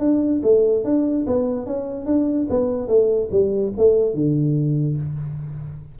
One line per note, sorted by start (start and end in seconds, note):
0.00 0.41 D4
0.43 0.85 A3
0.85 1.26 D4
1.27 1.67 B3
1.67 2.07 C#4
2.07 2.48 D4
2.50 2.88 B3
2.88 3.30 A3
3.32 3.73 G3
3.78 4.15 A3
4.15 4.97 D3